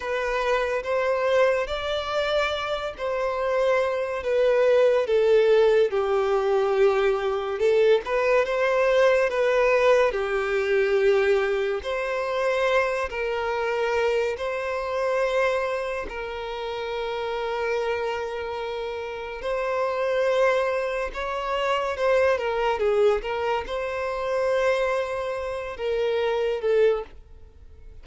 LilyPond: \new Staff \with { instrumentName = "violin" } { \time 4/4 \tempo 4 = 71 b'4 c''4 d''4. c''8~ | c''4 b'4 a'4 g'4~ | g'4 a'8 b'8 c''4 b'4 | g'2 c''4. ais'8~ |
ais'4 c''2 ais'4~ | ais'2. c''4~ | c''4 cis''4 c''8 ais'8 gis'8 ais'8 | c''2~ c''8 ais'4 a'8 | }